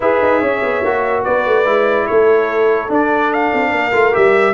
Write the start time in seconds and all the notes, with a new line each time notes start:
0.00 E4 G#4 B4 E5
0.22 D#4
0.40 C#4 C#5
0.62 B3
0.83 A#3 F#4
1.24 B3 B4 D5
1.46 A3
1.65 G#3 E4
2.06 A3 A4 C#5
2.88 D4 D5
3.33 F5
3.53 C4
3.71 A#3 A#4
3.92 A3 F4
4.12 G3 G4 E5